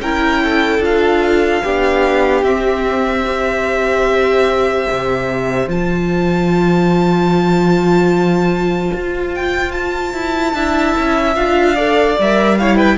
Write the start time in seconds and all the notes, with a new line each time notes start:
0.00 C#4 E4 A#4 G5
0.44 A4
0.79 D4 F4 F5
1.63 B3 D4 G4
2.43 C4 E5
3.24 G4 C5
4.90 C3
5.67 F3 F4 A5
8.94 F4
9.34 G5
9.71 A5
10.14 E4
10.53 D4 E4 E5
10.98 C#4
11.36 D4 F4 F5
11.75 A4 D5
12.19 G3 A#4 E5
12.57 E4 C#5 F5
12.76 B4 G5